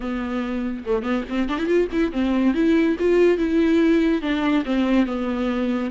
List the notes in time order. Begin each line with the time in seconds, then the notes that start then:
0.00 B3
0.85 A3
1.03 B3
1.29 C4
1.49 D4
1.58 E4
1.66 F4
1.92 E4
2.12 C4
2.54 E4
2.99 F4
3.37 E4
4.21 D4
4.65 C4
5.06 B3